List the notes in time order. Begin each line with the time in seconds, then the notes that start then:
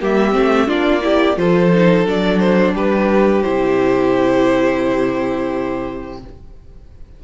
0.00 G3 A#3 G4 E5
0.32 A3 C4
0.66 A#3 D4 F4 D5
1.01 E4 G4
1.36 F3 F4 A4 C5
1.73 D#4
2.05 F#3 D4 D5
2.39 C5
2.73 G3 G4 B4
3.42 C3 E4 C5